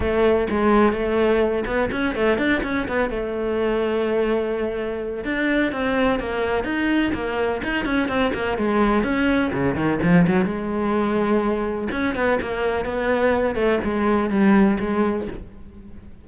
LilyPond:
\new Staff \with { instrumentName = "cello" } { \time 4/4 \tempo 4 = 126 a4 gis4 a4. b8 | cis'8 a8 d'8 cis'8 b8 a4.~ | a2. d'4 | c'4 ais4 dis'4 ais4 |
dis'8 cis'8 c'8 ais8 gis4 cis'4 | cis8 dis8 f8 fis8 gis2~ | gis4 cis'8 b8 ais4 b4~ | b8 a8 gis4 g4 gis4 | }